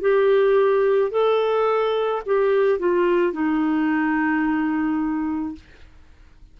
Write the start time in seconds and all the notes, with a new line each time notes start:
0.00 G4
1.11 A4
2.26 G4
2.79 F4
3.32 D#4